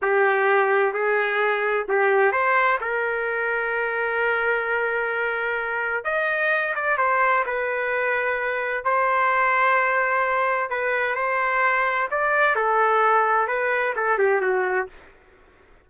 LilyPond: \new Staff \with { instrumentName = "trumpet" } { \time 4/4 \tempo 4 = 129 g'2 gis'2 | g'4 c''4 ais'2~ | ais'1~ | ais'4 dis''4. d''8 c''4 |
b'2. c''4~ | c''2. b'4 | c''2 d''4 a'4~ | a'4 b'4 a'8 g'8 fis'4 | }